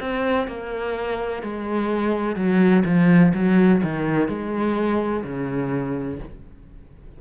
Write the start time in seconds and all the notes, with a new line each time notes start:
0.00 C4
0.48 A#3
1.43 G#3
2.35 F#3
2.85 F3
3.34 F#3
3.83 D#3
4.28 G#3
5.24 C#3